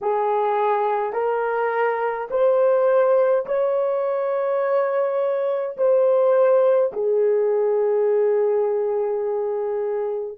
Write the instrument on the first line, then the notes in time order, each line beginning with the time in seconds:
horn
0.01 G#4
1.12 A#4
2.30 C5
3.46 C#5
5.77 C5
6.92 G#4